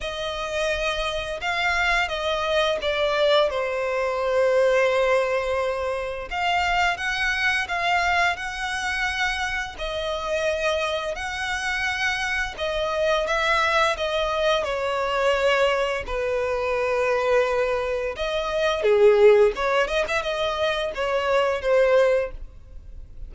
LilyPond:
\new Staff \with { instrumentName = "violin" } { \time 4/4 \tempo 4 = 86 dis''2 f''4 dis''4 | d''4 c''2.~ | c''4 f''4 fis''4 f''4 | fis''2 dis''2 |
fis''2 dis''4 e''4 | dis''4 cis''2 b'4~ | b'2 dis''4 gis'4 | cis''8 dis''16 e''16 dis''4 cis''4 c''4 | }